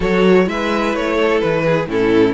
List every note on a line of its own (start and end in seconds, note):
0.00 0.47 F#3
0.00 0.45 F#4
0.00 0.46 A4
0.00 0.48 C#5
0.45 0.94 G#3
0.45 1.87 E4
0.45 1.15 B4
0.45 0.95 E5
0.94 1.41 A3
0.94 1.39 C#5
1.15 1.62 A4
1.39 1.86 E3
1.39 1.87 B4
1.65 1.88 G#4
1.86 2.33 A2
1.86 2.34 C#4
1.86 2.34 E4
1.86 2.34 A4